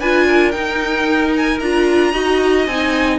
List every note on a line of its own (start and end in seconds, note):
0.00 0.54 D4
0.00 0.53 F4
0.00 0.27 B4
0.00 0.51 G#5
0.27 2.12 A#4
0.51 1.60 D#4
0.51 1.61 D#4
0.51 1.32 G5
1.36 1.59 G#5
1.59 2.13 D4
1.59 2.13 F4
1.59 2.66 A#5
2.12 2.66 D#4
2.12 2.67 F#4
2.12 3.18 D#5
2.66 3.18 C4
2.66 3.18 D#4
2.66 3.18 G#5